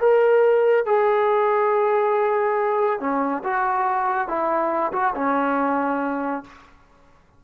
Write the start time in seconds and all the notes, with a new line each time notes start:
0.00 A#4
0.86 G#4
3.00 C#4
3.43 F#4
4.28 E4
4.92 F#4
5.15 C#4